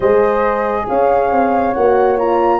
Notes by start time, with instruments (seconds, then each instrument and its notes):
0.00 tuba G#3, horn G#4 C5, flute D#5
0.88 tuba C#4, horn C#5, flute F5
1.31 tuba C4
1.73 tuba A#3, horn F#4, flute F#5
2.17 horn F4, flute A#5